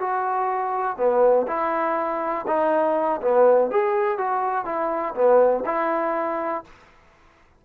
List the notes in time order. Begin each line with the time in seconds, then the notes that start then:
0.00 F#4
0.97 B3
1.47 E4
2.47 D#4
3.21 B3
3.71 G#4
4.18 F#4
4.65 E4
5.15 B3
5.65 E4